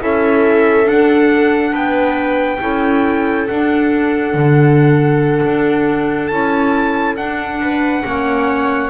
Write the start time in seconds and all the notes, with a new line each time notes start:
0.00 C#4 E4 A4 E5
0.84 D4 F#5
1.73 B3 B4 G5
2.60 C#4 E4 A4
3.48 D4 F#5
4.34 D3
5.46 D4
6.28 C#4 E4 A5
7.17 D4 F#5
7.61 B4
8.04 A#3 C#4 C#5